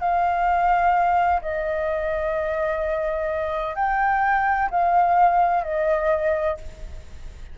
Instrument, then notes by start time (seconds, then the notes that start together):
flute
0.00 F5
1.41 D#5
3.75 G5
4.70 F5
5.63 D#5